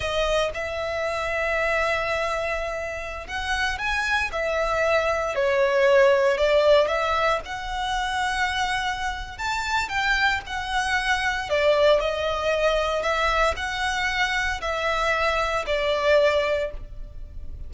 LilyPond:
\new Staff \with { instrumentName = "violin" } { \time 4/4 \tempo 4 = 115 dis''4 e''2.~ | e''2~ e''16 fis''4 gis''8.~ | gis''16 e''2 cis''4.~ cis''16~ | cis''16 d''4 e''4 fis''4.~ fis''16~ |
fis''2 a''4 g''4 | fis''2 d''4 dis''4~ | dis''4 e''4 fis''2 | e''2 d''2 | }